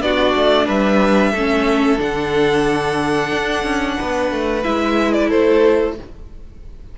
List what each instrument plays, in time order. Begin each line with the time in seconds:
0.00 cello B3, viola D4, violin F#4 D5
0.36 cello A3
0.66 cello G3, violin B4 E5
1.31 cello A3, viola C#4, violin A4
1.98 cello D3, viola D4, violin F#5
3.32 cello D4
3.63 cello C#4
3.98 cello B3, violin B4
4.31 cello A3
4.63 cello G#3, viola E4, violin E5
5.13 violin D5
5.27 cello A3, violin A4 C5